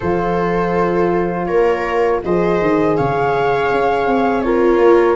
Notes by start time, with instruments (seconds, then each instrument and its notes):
0.00 tuba F3, horn F4, viola A4, flute C5
1.46 tuba A#3, viola A#4, flute C#5
2.24 tuba F3, horn G#4, viola C5, flute D#5
2.61 tuba D#3
2.96 tuba C#3, viola C#5, flute F5
3.70 tuba C#4
4.06 tuba C4
4.41 viola F4, horn A#4, flute C#5
4.78 tuba A#3